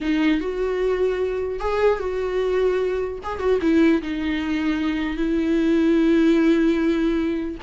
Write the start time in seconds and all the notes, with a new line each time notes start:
0.00 D#4
0.40 F#4
1.59 G#4
1.99 F#4
3.23 G#4
3.39 F#4
3.61 E4
4.01 D#4
5.17 E4